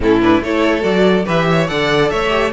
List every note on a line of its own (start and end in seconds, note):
0.00 0.40 A2
0.00 0.21 C#4
0.00 0.45 E4
0.00 0.21 A4
0.21 0.42 D4
0.21 0.42 B4
0.40 0.83 A3
0.40 0.81 E4
0.40 1.25 A4
0.40 0.83 C#5
0.81 1.26 F#3
0.81 1.23 F#4
0.81 1.25 D5
1.25 1.70 E3
1.25 1.67 G4
1.25 1.46 B4
1.25 1.67 E5
1.51 1.70 C#5
1.67 2.11 D3
1.67 2.29 A4
1.67 2.10 D5
1.67 2.09 F#5
2.10 2.53 A3
2.10 2.53 C#5
2.10 2.52 E5
2.29 2.50 G4